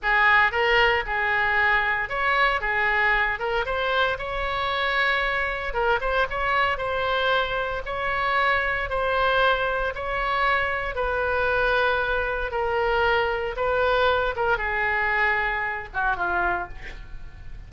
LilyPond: \new Staff \with { instrumentName = "oboe" } { \time 4/4 \tempo 4 = 115 gis'4 ais'4 gis'2 | cis''4 gis'4. ais'8 c''4 | cis''2. ais'8 c''8 | cis''4 c''2 cis''4~ |
cis''4 c''2 cis''4~ | cis''4 b'2. | ais'2 b'4. ais'8 | gis'2~ gis'8 fis'8 f'4 | }